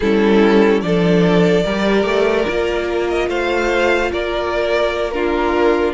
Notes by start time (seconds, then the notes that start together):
0.00 G3 C#4 E4 A4
0.81 F3 D4 A4 D5
1.63 G3 G4 A#4
2.03 A3
2.48 A#3 F4
3.08 D#5
3.27 A3 C5 F5
4.12 A#3 A#4 D5
5.11 D4 F4 A#4